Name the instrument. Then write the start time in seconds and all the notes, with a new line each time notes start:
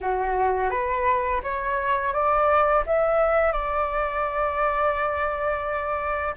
flute
0.00 F#4
0.70 B4
1.43 C#5
2.13 D5
2.86 E5
3.52 D5